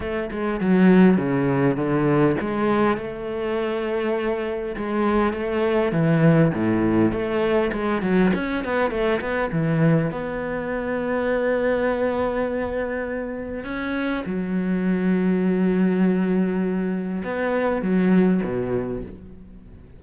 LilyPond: \new Staff \with { instrumentName = "cello" } { \time 4/4 \tempo 4 = 101 a8 gis8 fis4 cis4 d4 | gis4 a2. | gis4 a4 e4 a,4 | a4 gis8 fis8 cis'8 b8 a8 b8 |
e4 b2.~ | b2. cis'4 | fis1~ | fis4 b4 fis4 b,4 | }